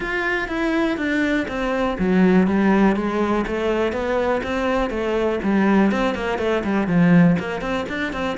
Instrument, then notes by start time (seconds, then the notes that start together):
cello
0.00 F4
0.48 E4
0.97 D4
1.48 C4
1.98 F#3
2.47 G3
2.96 G#3
3.46 A3
3.92 B3
4.43 C4
4.90 A3
5.43 G3
5.91 C4
6.14 A#3
6.38 A3
6.64 G3
6.87 F3
7.39 A#3
7.61 C4
7.88 D4
8.12 C4